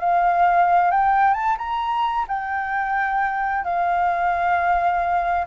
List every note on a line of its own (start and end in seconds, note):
0.00 0.91 F5
0.91 1.34 G5
1.34 1.57 A5
1.58 2.26 A#5
2.28 3.64 G5
3.64 5.46 F5